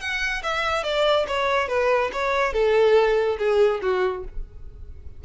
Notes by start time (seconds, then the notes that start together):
0.00 F#5
0.43 E5
0.84 D5
1.27 C#5
1.68 B4
2.13 C#5
2.53 A4
3.38 G#4
3.82 F#4